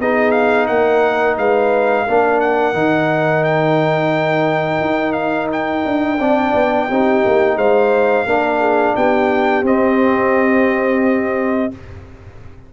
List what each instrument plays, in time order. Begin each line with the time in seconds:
0.00 tuba B3, trombone D#4, horn G#4, trumpet D#5
0.32 trumpet F5
0.67 tuba A#3, horn A#4, trumpet F#5
1.38 tuba G#3, horn B4, trumpet F5
2.06 tuba A#3, trombone D4, horn A#4
2.41 trumpet F#5
2.74 tuba D#3, trombone D#4
3.45 trumpet G5
4.81 tuba D#4
5.13 trumpet F5
5.53 trumpet G5
5.86 tuba D4
6.19 tuba C4, trombone D4, horn D5
6.55 tuba B3
6.89 tuba C4, trombone D#4, horn G4
7.26 tuba A#3
7.57 tuba G#3, horn C5, trumpet F5
8.27 tuba A#3, trombone D4, horn A#4
8.61 horn G#4
8.96 tuba B3, horn G4, trumpet G5
9.63 tuba C4, trombone C4, trumpet D#5